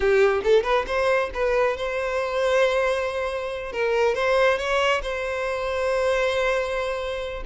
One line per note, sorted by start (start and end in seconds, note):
0.00 0.41 G4
0.43 0.63 A4
0.63 0.85 B4
0.86 1.30 C5
1.34 1.76 B4
1.76 3.72 C5
3.72 4.14 A#4
4.14 4.58 C5
4.58 5.01 C#5
5.02 7.43 C5